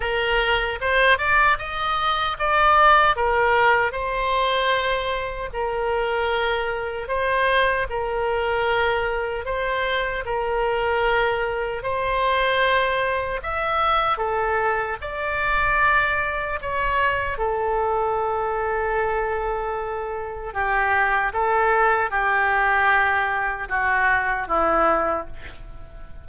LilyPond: \new Staff \with { instrumentName = "oboe" } { \time 4/4 \tempo 4 = 76 ais'4 c''8 d''8 dis''4 d''4 | ais'4 c''2 ais'4~ | ais'4 c''4 ais'2 | c''4 ais'2 c''4~ |
c''4 e''4 a'4 d''4~ | d''4 cis''4 a'2~ | a'2 g'4 a'4 | g'2 fis'4 e'4 | }